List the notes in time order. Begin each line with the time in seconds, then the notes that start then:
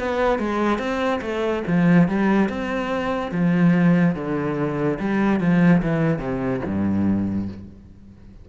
0.00 B3
0.39 G#3
0.79 C4
1.22 A3
1.67 F3
2.09 G3
2.50 C4
3.32 F3
4.16 D3
5.00 G3
5.41 F3
5.83 E3
6.19 C3
6.66 G2